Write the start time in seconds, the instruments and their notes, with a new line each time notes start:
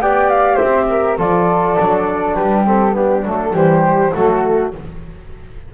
0.00 double bass B3, trombone G4, flute D5 G5
0.30 flute F5
0.56 flute C5 E5
0.62 double bass C4
0.90 flute A#4
1.18 double bass F3, trombone F4, flute A4 D5
1.80 double bass F#3, trombone D4
2.35 double bass G3, flute G4 B4
2.66 trombone C4, flute A4
2.92 trombone B3, flute D4 G4
3.26 double bass F#3, trombone A3, flute A4
3.53 double bass E3, trombone G3, flute G4 C5
4.13 double bass F#3, trombone A3, flute F#4 A4